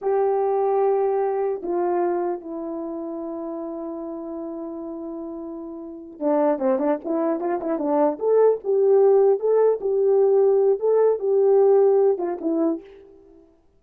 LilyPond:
\new Staff \with { instrumentName = "horn" } { \time 4/4 \tempo 4 = 150 g'1 | f'2 e'2~ | e'1~ | e'2.~ e'8 d'8~ |
d'8 c'8 d'8 e'4 f'8 e'8 d'8~ | d'8 a'4 g'2 a'8~ | a'8 g'2~ g'8 a'4 | g'2~ g'8 f'8 e'4 | }